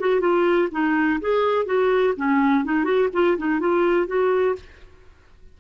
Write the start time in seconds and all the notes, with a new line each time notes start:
0.00 F#4
0.21 F4
0.72 D#4
1.21 G#4
1.66 F#4
2.17 C#4
2.65 D#4
2.84 F#4
3.13 F4
3.38 D#4
3.60 F4
4.07 F#4